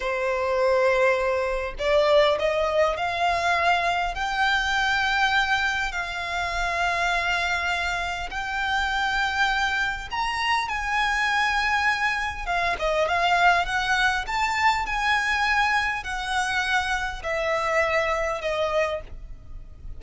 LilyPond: \new Staff \with { instrumentName = "violin" } { \time 4/4 \tempo 4 = 101 c''2. d''4 | dis''4 f''2 g''4~ | g''2 f''2~ | f''2 g''2~ |
g''4 ais''4 gis''2~ | gis''4 f''8 dis''8 f''4 fis''4 | a''4 gis''2 fis''4~ | fis''4 e''2 dis''4 | }